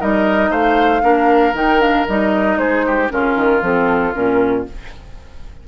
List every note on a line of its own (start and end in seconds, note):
0.00 0.50 G3
0.00 1.02 D#4
0.00 0.50 A#4
0.00 0.52 D#5
0.50 1.02 A3
0.50 1.02 C5
0.50 1.55 F5
1.02 1.53 A#3
1.02 1.53 D4
1.02 2.58 A#4
1.53 2.05 D#3
1.53 1.80 D#4
1.53 1.81 G5
1.80 2.06 D4
1.80 2.07 F5
2.08 2.57 G3
2.08 3.09 D#4
2.08 2.58 D#5
2.57 3.09 G#3
2.57 2.86 G#4
2.57 3.10 C5
2.86 3.12 G4
3.09 3.36 C#3
3.09 3.61 C#4
3.09 4.68 F4
3.09 3.63 A#4
3.36 3.62 D#3
3.61 4.13 F3
3.61 4.13 C4
3.61 4.14 A4
4.13 4.67 A#2
4.13 4.64 C#4
4.13 4.66 A#4